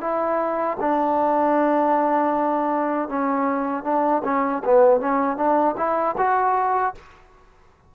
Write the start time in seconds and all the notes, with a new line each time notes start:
0.00 E4
0.80 D4
3.08 C#4
3.84 D4
4.24 C#4
4.64 B3
5.00 C#4
5.36 D4
5.77 E4
6.17 F#4